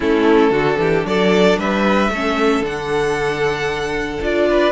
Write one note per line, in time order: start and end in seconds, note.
0.00 0.50 A3
0.00 0.52 C#4
0.00 0.51 E4
0.00 1.06 A4
0.50 0.76 D3
0.50 2.12 D4
0.50 0.77 F#4
0.78 1.04 E3
0.78 1.06 G4
1.05 1.57 F#3
1.05 1.58 A4
1.05 1.58 D5
1.58 2.09 G3
1.58 2.11 B4
1.58 2.65 E5
2.09 2.60 A3
2.09 4.49 A4
2.15 2.63 C#4
2.60 4.18 D3
2.60 4.21 D4
2.60 4.23 F#5
4.21 4.71 D4
4.21 4.71 F4
4.21 4.71 D5
4.49 4.71 B4